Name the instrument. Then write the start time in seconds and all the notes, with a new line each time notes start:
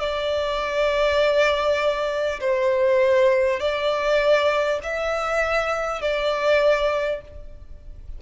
violin
0.00 D5
2.41 C5
3.60 D5
4.83 E5
6.02 D5